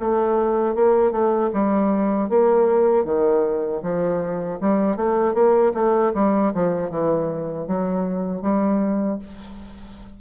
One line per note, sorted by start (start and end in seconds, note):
0.00 0.75 A3
0.75 1.12 A#3
1.12 1.50 A3
1.53 2.29 G3
2.29 3.05 A#3
3.05 3.82 D#3
3.83 4.60 F3
4.61 4.97 G3
4.97 5.34 A3
5.34 5.73 A#3
5.74 6.13 A3
6.15 6.53 G3
6.55 6.91 F3
6.91 7.67 E3
7.67 8.42 F#3
8.42 9.19 G3